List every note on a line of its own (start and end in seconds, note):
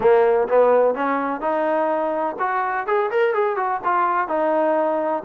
0.00 0.48 A#3
0.48 0.95 B3
0.95 1.40 C#4
1.40 2.36 D#4
2.39 2.86 F#4
2.86 3.10 G#4
3.10 3.33 A#4
3.33 3.56 G#4
3.56 3.80 F#4
3.84 4.27 F4
4.27 5.23 D#4